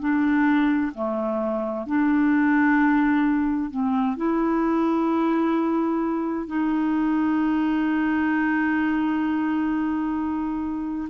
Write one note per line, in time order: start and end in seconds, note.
0.00 0.92 D4
0.95 1.87 A3
1.87 3.70 D4
3.70 4.16 C4
4.16 6.47 E4
6.47 11.09 D#4